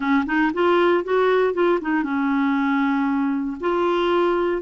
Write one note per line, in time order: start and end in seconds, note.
0.00 0.24 C#4
0.26 0.51 D#4
0.53 1.03 F4
1.03 1.53 F#4
1.53 1.79 F4
1.81 2.03 D#4
2.03 3.57 C#4
3.60 4.62 F4